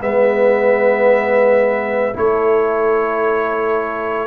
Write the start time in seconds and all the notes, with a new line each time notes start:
0.00 G#3 B3 B4 E5
2.14 A3 E4 A4 C#5